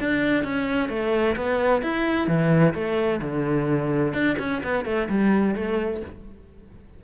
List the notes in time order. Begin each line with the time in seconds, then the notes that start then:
0.00 D4
0.44 C#4
0.89 A3
1.36 B3
1.82 E4
2.27 E3
2.74 A3
3.22 D3
4.14 D4
4.39 C#4
4.64 B3
4.85 A3
5.09 G3
5.55 A3